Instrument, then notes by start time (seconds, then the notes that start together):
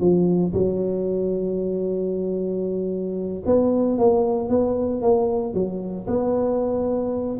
tuba
0.00 F3
0.53 F#3
3.45 B3
3.98 A#3
4.49 B3
5.02 A#3
5.54 F#3
6.07 B3